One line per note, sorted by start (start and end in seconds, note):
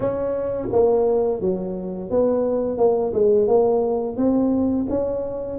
0.00 0.68 C#4
0.72 1.40 A#3
1.40 2.10 F#3
2.10 2.77 B3
2.77 3.12 A#3
3.13 3.47 G#3
3.47 4.16 A#3
4.16 4.86 C4
4.89 5.59 C#4